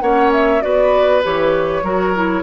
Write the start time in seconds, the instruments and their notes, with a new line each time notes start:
0.00 bassoon A#3, clarinet C#4, oboe C#5, flute F#5
0.32 flute E5
0.61 bassoon B3, clarinet F#4, oboe B4, flute D5
1.22 bassoon E3, clarinet G4, flute C#5
1.82 bassoon F#3, clarinet F#4, oboe A#4
2.14 clarinet E4